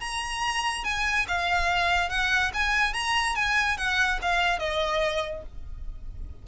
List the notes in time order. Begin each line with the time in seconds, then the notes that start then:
0.00 A#5
0.84 G#5
1.28 F5
2.09 F#5
2.54 G#5
2.93 A#5
3.35 G#5
3.77 F#5
4.21 F5
4.59 D#5